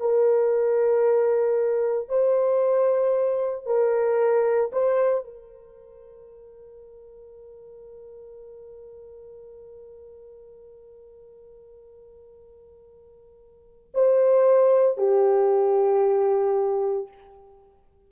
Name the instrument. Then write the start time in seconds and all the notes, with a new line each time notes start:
horn
0.00 A#4
2.09 C5
3.66 A#4
4.73 C5
5.24 A#4
13.94 C5
14.98 G4